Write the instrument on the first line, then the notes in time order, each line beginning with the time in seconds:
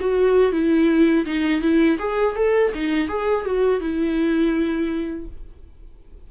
viola
0.00 F#4
0.52 E4
1.25 D#4
1.62 E4
1.99 G#4
2.36 A4
2.74 D#4
3.08 G#4
3.45 F#4
3.80 E4